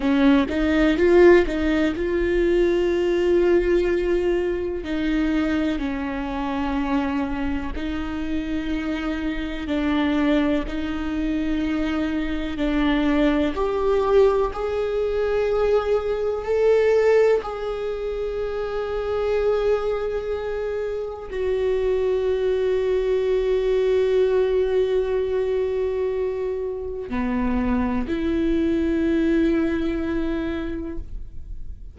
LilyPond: \new Staff \with { instrumentName = "viola" } { \time 4/4 \tempo 4 = 62 cis'8 dis'8 f'8 dis'8 f'2~ | f'4 dis'4 cis'2 | dis'2 d'4 dis'4~ | dis'4 d'4 g'4 gis'4~ |
gis'4 a'4 gis'2~ | gis'2 fis'2~ | fis'1 | b4 e'2. | }